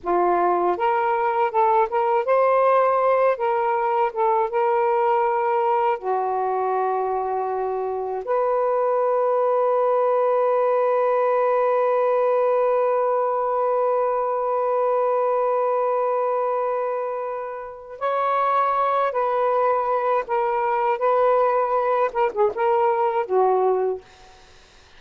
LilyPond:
\new Staff \with { instrumentName = "saxophone" } { \time 4/4 \tempo 4 = 80 f'4 ais'4 a'8 ais'8 c''4~ | c''8 ais'4 a'8 ais'2 | fis'2. b'4~ | b'1~ |
b'1~ | b'1 | cis''4. b'4. ais'4 | b'4. ais'16 gis'16 ais'4 fis'4 | }